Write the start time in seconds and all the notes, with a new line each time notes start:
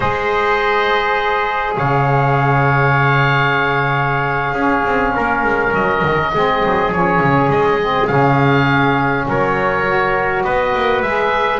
0.00 G#3 G#4 C5 D#5
1.76 C#3 C#5 F5
4.52 C#4 G#4
4.85 C4
5.15 A#3 A#4
5.43 G#3
5.73 F#3 D#5
6.03 D#3
6.33 G#3 C4 G#4
6.65 F#3
6.91 F3 C#4 C#5
7.19 C#3
7.49 G#3 D#5
7.80 C4
8.07 C#3 C#4 F5
9.27 F#3 A#4 C#5
9.87 F#4
10.43 B3 B4 D#5
10.75 A#3
11.02 G#3 G#4 E5